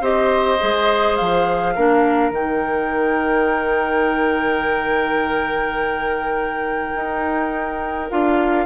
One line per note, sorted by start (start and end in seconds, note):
0.00 0.58 C4
0.00 0.59 G4
0.00 1.74 C5
0.00 1.16 D#5
0.60 1.20 G#3
0.60 1.75 G#4
1.16 1.77 F3
1.16 2.31 F5
1.75 2.30 A#3
1.75 2.33 D4
1.75 8.65 A#4
2.30 6.92 D#3
2.30 8.09 D#4
2.30 8.10 G5
6.95 8.10 D#4
8.10 8.65 D4
8.10 8.65 F4
8.10 8.65 F5